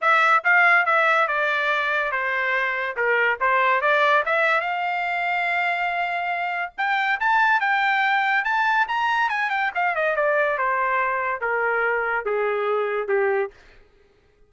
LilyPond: \new Staff \with { instrumentName = "trumpet" } { \time 4/4 \tempo 4 = 142 e''4 f''4 e''4 d''4~ | d''4 c''2 ais'4 | c''4 d''4 e''4 f''4~ | f''1 |
g''4 a''4 g''2 | a''4 ais''4 gis''8 g''8 f''8 dis''8 | d''4 c''2 ais'4~ | ais'4 gis'2 g'4 | }